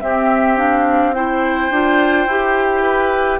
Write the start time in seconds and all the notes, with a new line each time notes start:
0.00 C4 G4 E5
0.57 D4 F5
1.14 E4 C5 G5
1.70 D4 F4
2.26 E4 G4
2.82 B4